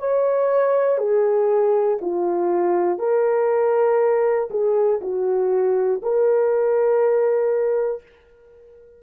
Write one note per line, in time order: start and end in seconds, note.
0.00 0.99 C#5
0.99 1.99 G#4
2.02 2.99 F4
2.99 4.49 A#4
4.51 5.01 G#4
5.01 6.01 F#4
6.03 8.03 A#4